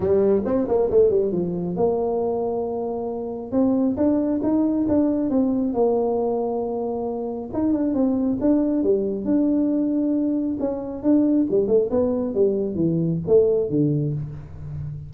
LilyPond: \new Staff \with { instrumentName = "tuba" } { \time 4/4 \tempo 4 = 136 g4 c'8 ais8 a8 g8 f4 | ais1 | c'4 d'4 dis'4 d'4 | c'4 ais2.~ |
ais4 dis'8 d'8 c'4 d'4 | g4 d'2. | cis'4 d'4 g8 a8 b4 | g4 e4 a4 d4 | }